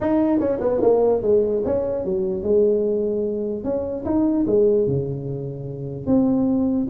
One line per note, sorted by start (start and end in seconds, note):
0.00 0.39 D#4
0.39 0.59 C#4
0.60 0.80 B3
0.81 1.22 A#3
1.22 1.62 G#3
1.64 2.04 C#4
2.04 2.43 F#3
2.43 3.64 G#3
3.64 4.04 C#4
4.05 4.45 D#4
4.46 4.87 G#3
4.87 6.06 C#3
6.06 6.87 C4